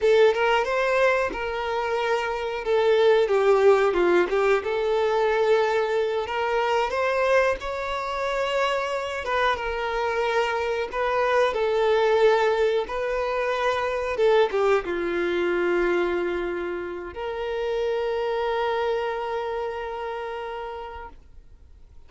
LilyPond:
\new Staff \with { instrumentName = "violin" } { \time 4/4 \tempo 4 = 91 a'8 ais'8 c''4 ais'2 | a'4 g'4 f'8 g'8 a'4~ | a'4. ais'4 c''4 cis''8~ | cis''2 b'8 ais'4.~ |
ais'8 b'4 a'2 b'8~ | b'4. a'8 g'8 f'4.~ | f'2 ais'2~ | ais'1 | }